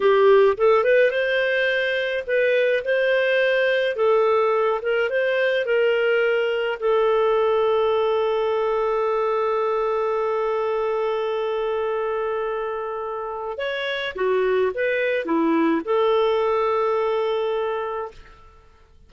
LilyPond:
\new Staff \with { instrumentName = "clarinet" } { \time 4/4 \tempo 4 = 106 g'4 a'8 b'8 c''2 | b'4 c''2 a'4~ | a'8 ais'8 c''4 ais'2 | a'1~ |
a'1~ | a'1 | cis''4 fis'4 b'4 e'4 | a'1 | }